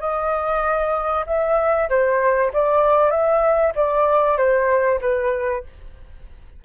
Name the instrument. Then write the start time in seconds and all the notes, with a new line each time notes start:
flute
0.00 D#5
1.26 E5
1.89 C5
2.53 D5
3.11 E5
3.76 D5
4.38 C5
5.01 B4